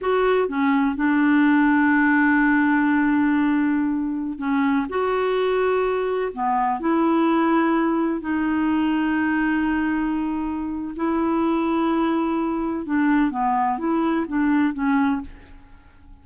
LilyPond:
\new Staff \with { instrumentName = "clarinet" } { \time 4/4 \tempo 4 = 126 fis'4 cis'4 d'2~ | d'1~ | d'4~ d'16 cis'4 fis'4.~ fis'16~ | fis'4~ fis'16 b4 e'4.~ e'16~ |
e'4~ e'16 dis'2~ dis'8.~ | dis'2. e'4~ | e'2. d'4 | b4 e'4 d'4 cis'4 | }